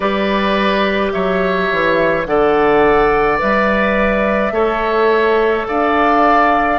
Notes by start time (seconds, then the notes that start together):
0.00 G3 G4 B4 D5
1.12 F#3 C#5 E5
1.71 E3
2.25 D3 A4 D5 F#5
3.37 G3 B4 E5
4.51 A3 A4 C#5
5.67 D4 D5 F5